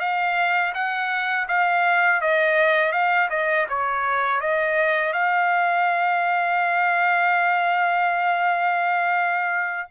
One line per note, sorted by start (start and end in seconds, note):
0.00 0.73 F5
0.75 1.48 F#5
1.49 2.22 F5
2.22 2.92 D#5
2.92 3.29 F5
3.31 3.67 D#5
3.69 4.41 C#5
4.41 5.14 D#5
5.14 9.89 F5